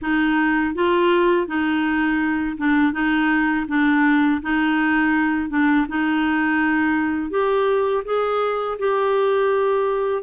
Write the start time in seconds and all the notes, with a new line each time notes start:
0.01 D#4
0.74 F4
1.47 D#4
2.57 D4
2.93 D#4
3.68 D4
4.41 D#4
5.49 D4
5.88 D#4
7.30 G4
8.05 G#4
8.78 G4